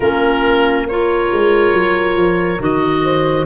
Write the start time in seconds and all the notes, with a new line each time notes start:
0.00 A#3 C#4 F4 A#4
0.86 F4 A#4 C#5
1.32 G#3
1.72 F#3
2.16 F3
2.59 D#3 F#4 D#5
3.03 C5